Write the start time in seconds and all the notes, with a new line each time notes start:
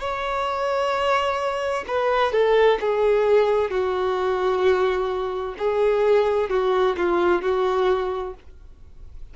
0.00 C#5
1.88 B4
2.32 A4
2.81 G#4
3.70 F#4
5.58 G#4
6.50 F#4
6.97 F4
7.42 F#4